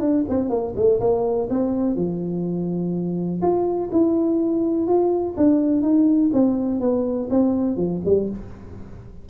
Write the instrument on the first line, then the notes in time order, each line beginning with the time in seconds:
tuba
0.00 D4
0.28 C4
0.49 A#3
0.75 A3
1.00 A#3
1.50 C4
1.96 F3
3.41 F4
3.91 E4
4.87 F4
5.37 D4
5.82 D#4
6.33 C4
6.80 B3
7.30 C4
7.76 F3
8.05 G3